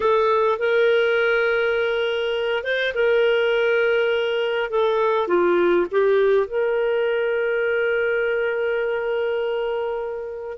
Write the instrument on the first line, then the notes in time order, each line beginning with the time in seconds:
clarinet
0.00 A4
0.59 A#4
2.63 C5
2.94 A#4
4.70 A4
5.27 F4
5.91 G4
6.47 A#4